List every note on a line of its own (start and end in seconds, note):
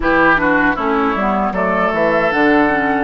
0.00 0.76 E3
0.00 0.36 E4
0.00 0.40 G4
0.00 0.76 B4
0.36 0.74 D4
0.36 0.75 F#4
0.75 1.14 A3
0.75 1.15 C#4
0.75 1.52 E4
0.75 1.53 C#5
1.14 1.52 G3
1.14 1.54 B3
1.52 1.90 F#3
1.52 2.31 A3
1.52 3.04 A4
1.52 1.92 D5
1.93 2.31 E3
1.93 2.32 E5
2.31 3.04 D3
2.31 2.69 D4
2.31 3.04 F#5
2.69 3.04 C#4